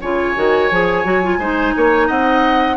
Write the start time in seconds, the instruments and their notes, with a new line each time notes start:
0.00 bassoon C#3, clarinet F4, oboe C#5, flute G#5
0.35 bassoon D#3, clarinet F#4
0.70 bassoon F3, clarinet G#4
1.04 bassoon F#3, clarinet F#4
1.23 clarinet F4
1.38 bassoon G#3, clarinet D#4, oboe C5
1.76 bassoon A#3, oboe C#5
2.07 bassoon C4, oboe D#5, flute F#5